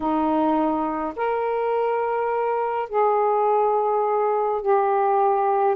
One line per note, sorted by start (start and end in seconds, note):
0.00 1.14 D#4
1.15 2.88 A#4
2.89 4.61 G#4
4.61 5.75 G4